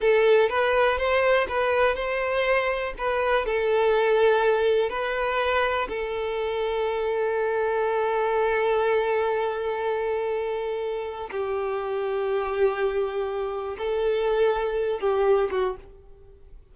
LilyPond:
\new Staff \with { instrumentName = "violin" } { \time 4/4 \tempo 4 = 122 a'4 b'4 c''4 b'4 | c''2 b'4 a'4~ | a'2 b'2 | a'1~ |
a'1~ | a'2. g'4~ | g'1 | a'2~ a'8 g'4 fis'8 | }